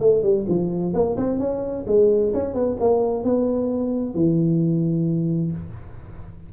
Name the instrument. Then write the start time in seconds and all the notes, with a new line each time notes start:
tuba
0.00 A3
0.23 G3
0.48 F3
0.93 A#3
1.17 C4
1.39 C#4
1.87 G#3
2.33 C#4
2.54 B3
2.80 A#3
3.24 B3
4.14 E3